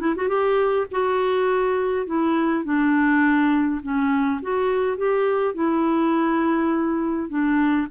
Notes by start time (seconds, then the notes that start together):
0.00 E4
0.16 F#4
0.28 G4
0.91 F#4
2.06 E4
2.64 D4
3.82 C#4
4.42 F#4
4.97 G4
5.54 E4
7.29 D4